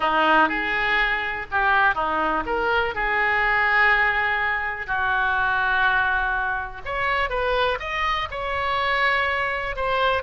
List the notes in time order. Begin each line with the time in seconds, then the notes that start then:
0.00 D#4
0.49 G#4
1.51 G4
1.94 D#4
2.45 A#4
2.94 G#4
4.86 F#4
6.85 C#5
7.29 B4
7.79 D#5
8.30 C#5
9.76 C5